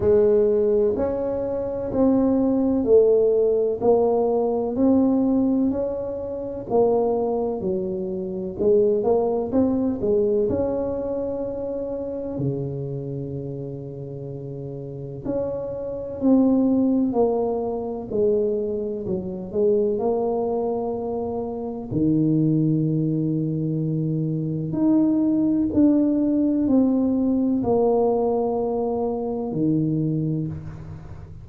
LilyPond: \new Staff \with { instrumentName = "tuba" } { \time 4/4 \tempo 4 = 63 gis4 cis'4 c'4 a4 | ais4 c'4 cis'4 ais4 | fis4 gis8 ais8 c'8 gis8 cis'4~ | cis'4 cis2. |
cis'4 c'4 ais4 gis4 | fis8 gis8 ais2 dis4~ | dis2 dis'4 d'4 | c'4 ais2 dis4 | }